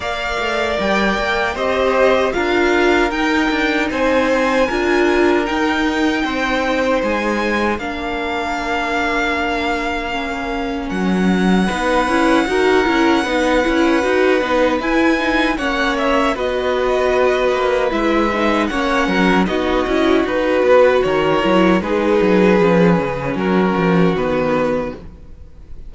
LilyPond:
<<
  \new Staff \with { instrumentName = "violin" } { \time 4/4 \tempo 4 = 77 f''4 g''4 dis''4 f''4 | g''4 gis''2 g''4~ | g''4 gis''4 f''2~ | f''2 fis''2~ |
fis''2. gis''4 | fis''8 e''8 dis''2 e''4 | fis''4 dis''4 b'4 cis''4 | b'2 ais'4 b'4 | }
  \new Staff \with { instrumentName = "violin" } { \time 4/4 d''2 c''4 ais'4~ | ais'4 c''4 ais'2 | c''2 ais'2~ | ais'2. b'4 |
ais'4 b'2. | cis''4 b'2. | cis''8 ais'8 fis'4. b'8 ais'4 | gis'2 fis'2 | }
  \new Staff \with { instrumentName = "viola" } { \time 4/4 ais'2 g'4 f'4 | dis'2 f'4 dis'4~ | dis'2 d'2~ | d'4 cis'2 dis'8 e'8 |
fis'8 e'8 dis'8 e'8 fis'8 dis'8 e'8 dis'8 | cis'4 fis'2 e'8 dis'8 | cis'4 dis'8 e'8 fis'4. e'8 | dis'4 cis'2 b4 | }
  \new Staff \with { instrumentName = "cello" } { \time 4/4 ais8 a8 g8 ais8 c'4 d'4 | dis'8 d'8 c'4 d'4 dis'4 | c'4 gis4 ais2~ | ais2 fis4 b8 cis'8 |
dis'8 cis'8 b8 cis'8 dis'8 b8 e'4 | ais4 b4. ais8 gis4 | ais8 fis8 b8 cis'8 dis'8 b8 dis8 fis8 | gis8 fis8 f8 cis8 fis8 f8 dis4 | }
>>